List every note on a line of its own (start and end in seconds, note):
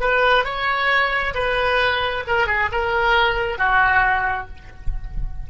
0.00 0.44 B4
0.44 1.34 C#5
1.34 2.23 B4
2.27 2.47 A#4
2.47 2.69 G#4
2.72 3.58 A#4
3.58 4.48 F#4